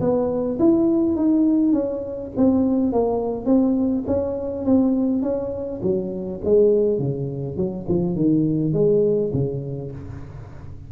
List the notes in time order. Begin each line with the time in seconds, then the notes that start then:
0.00 B3
0.59 E4
1.16 D#4
1.73 C#4
2.36 C4
2.92 A#3
3.46 C4
4.07 C#4
4.65 C4
5.22 C#4
5.82 F#3
6.44 G#3
6.98 C#3
7.56 F#3
7.88 F3
8.16 D#3
8.73 G#3
9.33 C#3